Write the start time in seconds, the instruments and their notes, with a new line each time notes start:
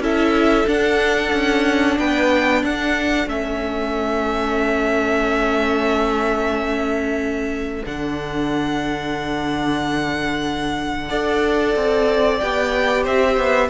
0.00 cello C#4, viola E4, violin A4 E5
0.66 viola D4, cello D4, violin F#5
1.33 cello C#4
1.99 cello B3, violin B4 G5
2.62 cello D4, violin A4 F#5
3.26 cello A3, viola C#4, violin E5
7.85 cello D3, viola D4, violin F#5
11.09 cello D4, viola A4, violin D5
11.76 cello C4
12.39 cello B3, viola G4, violin G5
13.03 cello C4, violin C5 E5
13.37 cello B3